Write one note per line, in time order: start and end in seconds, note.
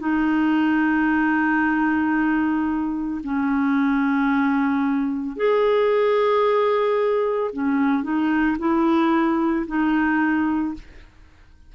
0.00 3.21 D#4
3.24 5.37 C#4
5.37 7.51 G#4
7.53 8.04 C#4
8.04 8.57 D#4
8.59 9.66 E4
9.67 10.74 D#4